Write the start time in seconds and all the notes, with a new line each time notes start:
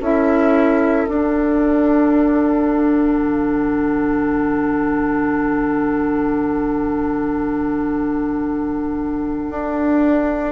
0.00 C#4 E4 A4 E5
1.08 D4 F#5
3.18 D3
9.50 D4